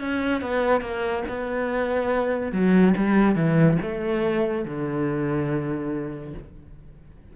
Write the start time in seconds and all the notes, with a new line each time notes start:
0.00 C#4
0.41 B3
0.81 A#3
1.28 B3
2.52 F#3
2.97 G3
3.35 E3
3.82 A3
4.65 D3